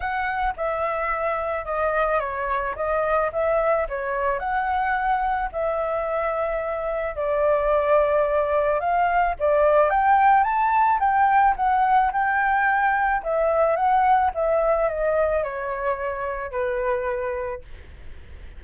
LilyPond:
\new Staff \with { instrumentName = "flute" } { \time 4/4 \tempo 4 = 109 fis''4 e''2 dis''4 | cis''4 dis''4 e''4 cis''4 | fis''2 e''2~ | e''4 d''2. |
f''4 d''4 g''4 a''4 | g''4 fis''4 g''2 | e''4 fis''4 e''4 dis''4 | cis''2 b'2 | }